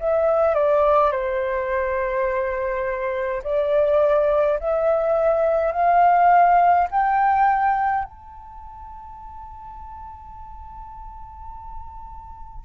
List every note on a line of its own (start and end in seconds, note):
0.00 0.55 E5
0.55 1.12 D5
1.12 3.43 C5
3.44 4.59 D5
4.60 5.72 E5
5.72 6.88 F5
6.91 8.05 G5
8.05 12.66 A5